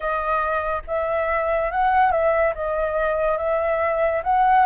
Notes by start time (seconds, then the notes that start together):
0.00 D#5
0.87 E5
1.71 F#5
2.11 E5
2.55 D#5
3.37 E5
4.23 F#5